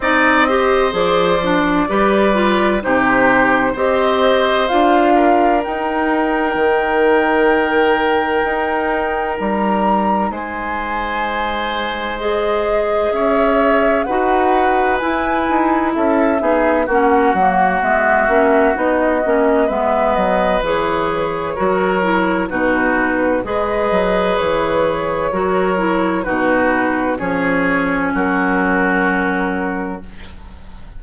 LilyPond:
<<
  \new Staff \with { instrumentName = "flute" } { \time 4/4 \tempo 4 = 64 dis''4 d''2 c''4 | dis''4 f''4 g''2~ | g''2 ais''4 gis''4~ | gis''4 dis''4 e''4 fis''4 |
gis''4 e''4 fis''4 e''4 | dis''4 e''8 dis''8 cis''2 | b'4 dis''4 cis''2 | b'4 cis''4 ais'2 | }
  \new Staff \with { instrumentName = "oboe" } { \time 4/4 d''8 c''4. b'4 g'4 | c''4. ais'2~ ais'8~ | ais'2. c''4~ | c''2 cis''4 b'4~ |
b'4 a'8 gis'8 fis'2~ | fis'4 b'2 ais'4 | fis'4 b'2 ais'4 | fis'4 gis'4 fis'2 | }
  \new Staff \with { instrumentName = "clarinet" } { \time 4/4 dis'8 g'8 gis'8 d'8 g'8 f'8 dis'4 | g'4 f'4 dis'2~ | dis'1~ | dis'4 gis'2 fis'4 |
e'4. dis'8 cis'8 ais8 b8 cis'8 | dis'8 cis'8 b4 gis'4 fis'8 e'8 | dis'4 gis'2 fis'8 e'8 | dis'4 cis'2. | }
  \new Staff \with { instrumentName = "bassoon" } { \time 4/4 c'4 f4 g4 c4 | c'4 d'4 dis'4 dis4~ | dis4 dis'4 g4 gis4~ | gis2 cis'4 dis'4 |
e'8 dis'8 cis'8 b8 ais8 fis8 gis8 ais8 | b8 ais8 gis8 fis8 e4 fis4 | b,4 gis8 fis8 e4 fis4 | b,4 f4 fis2 | }
>>